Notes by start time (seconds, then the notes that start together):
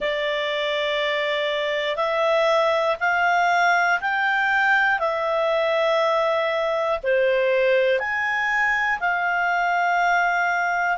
0.00 D5
1.96 E5
3.00 F5
4.00 G5
4.99 E5
7.03 C5
7.99 G#5
9.00 F5